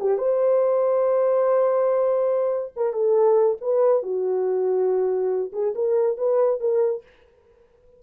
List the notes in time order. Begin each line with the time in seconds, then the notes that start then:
0.00 G4
0.18 C5
2.77 A#4
2.93 A4
3.61 B4
4.03 F#4
5.53 G#4
5.75 A#4
6.18 B4
6.61 A#4